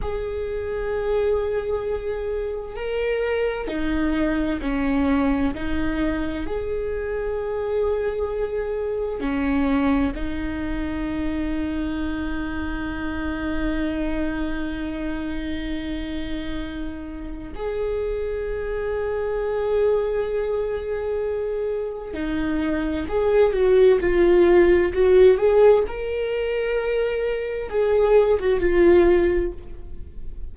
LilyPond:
\new Staff \with { instrumentName = "viola" } { \time 4/4 \tempo 4 = 65 gis'2. ais'4 | dis'4 cis'4 dis'4 gis'4~ | gis'2 cis'4 dis'4~ | dis'1~ |
dis'2. gis'4~ | gis'1 | dis'4 gis'8 fis'8 f'4 fis'8 gis'8 | ais'2 gis'8. fis'16 f'4 | }